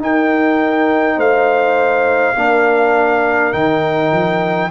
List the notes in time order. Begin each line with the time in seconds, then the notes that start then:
0.00 D#4 A#4 G5
1.17 A3 C5 F5
2.36 A#3 D4 A#4
3.53 D#3 D#4 G5
4.12 F3